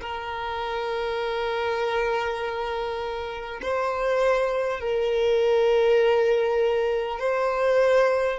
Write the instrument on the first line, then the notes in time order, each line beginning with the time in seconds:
violin
0.00 A#4
3.62 C5
4.79 A#4
7.19 C5